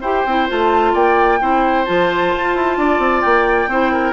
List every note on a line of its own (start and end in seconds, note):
0.00 0.24 E4
0.00 0.26 G4
0.00 0.92 C5
0.00 0.47 G5
0.25 0.48 C4
0.25 0.48 E4
0.48 0.94 A3
0.48 1.39 F4
0.48 0.95 A5
0.93 1.40 A#3
0.93 1.39 D5
0.93 1.85 G5
1.40 1.87 C4
1.40 1.85 E4
1.40 2.78 C5
1.85 2.34 F3
1.85 3.68 F4
1.85 3.21 A5
2.35 2.54 F4
2.54 2.77 E4
2.77 2.98 D4
2.77 3.69 D5
2.98 3.21 C4
3.21 3.67 A#3
3.21 4.13 G5
3.67 4.13 C4
3.67 4.13 E4
3.67 3.92 C5
3.92 4.13 A#4